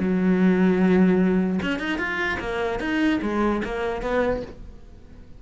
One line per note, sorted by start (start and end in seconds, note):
0.00 1.60 F#3
1.63 1.80 C#4
1.80 1.99 D#4
1.99 2.39 F4
2.40 2.80 A#3
2.80 3.20 D#4
3.22 3.62 G#3
3.65 4.02 A#3
4.02 4.42 B3